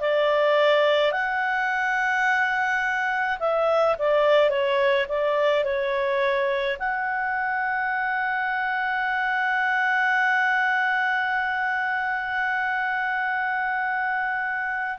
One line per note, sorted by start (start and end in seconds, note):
0.00 1.12 D5
1.12 3.38 F#5
3.39 3.96 E5
3.99 4.50 D5
4.50 5.06 C#5
5.09 5.64 D5
5.64 6.77 C#5
6.79 14.98 F#5